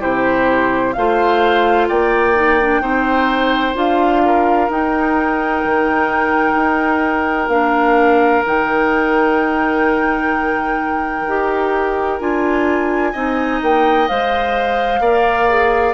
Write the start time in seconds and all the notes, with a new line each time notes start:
0.00 C3 E4 G4 C5
0.93 A3 F4 C5 F5
1.88 A#3 D5 G5
2.35 D#4
2.61 D4
2.81 C4 D#4 C5
3.74 D4 F4 F5
4.25 A#4
4.69 D#4 G5
5.64 D#3
6.55 D#4
7.48 A#3 D4 F5
8.46 D#3 D#4 G5
11.26 D#4 G4
12.19 D4 F4 G#5
13.12 C4 D#4 D#5
13.62 A#3 G5
14.08 G#3 C5 F5
15.00 A#3 A#4 D5
15.49 G#4